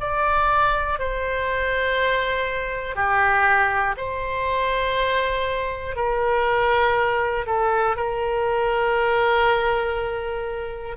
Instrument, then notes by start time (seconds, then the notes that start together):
oboe
0.00 D5
0.99 C5
2.95 G4
3.97 C5
5.96 A#4
7.46 A4
7.96 A#4